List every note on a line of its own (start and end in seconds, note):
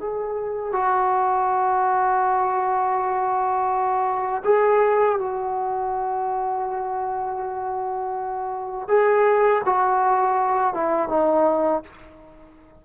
0.00 0.72 G#4
0.72 4.43 F#4
4.44 5.18 G#4
5.18 8.88 F#4
8.88 9.62 G#4
9.65 10.74 F#4
10.74 11.08 E4
11.08 11.82 D#4